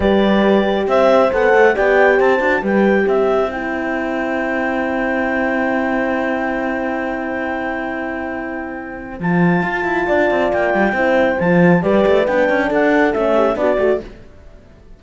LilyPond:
<<
  \new Staff \with { instrumentName = "clarinet" } { \time 4/4 \tempo 4 = 137 d''2 e''4 fis''4 | g''4 a''4 g''4 e''4 | g''1~ | g''1~ |
g''1~ | g''4 a''2. | g''2 a''4 d''4 | g''4 fis''4 e''4 d''4 | }
  \new Staff \with { instrumentName = "horn" } { \time 4/4 b'2 c''2 | d''4 c''4 b'4 c''4~ | c''1~ | c''1~ |
c''1~ | c''2. d''4~ | d''4 c''2 b'4~ | b'4 a'4. g'8 fis'4 | }
  \new Staff \with { instrumentName = "horn" } { \time 4/4 g'2. a'4 | g'4. fis'8 g'2 | e'1~ | e'1~ |
e'1~ | e'4 f'2.~ | f'4 e'4 f'4 g'4 | d'2 cis'4 d'8 fis'8 | }
  \new Staff \with { instrumentName = "cello" } { \time 4/4 g2 c'4 b8 a8 | b4 c'8 d'8 g4 c'4~ | c'1~ | c'1~ |
c'1~ | c'4 f4 f'8 e'8 d'8 c'8 | ais8 g8 c'4 f4 g8 a8 | b8 cis'8 d'4 a4 b8 a8 | }
>>